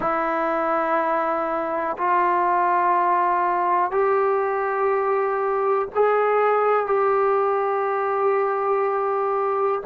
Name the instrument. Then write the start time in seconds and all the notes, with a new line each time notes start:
trombone
0.00 E4
1.97 F4
3.91 G4
5.94 G#4
6.86 G4